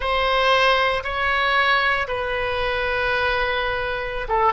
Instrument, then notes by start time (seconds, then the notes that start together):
oboe
0.00 C5
1.03 C#5
2.07 B4
4.28 A4